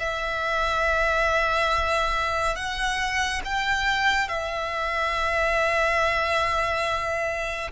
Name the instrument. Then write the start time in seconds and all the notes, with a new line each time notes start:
violin
0.00 E5
2.56 F#5
3.45 G5
4.29 E5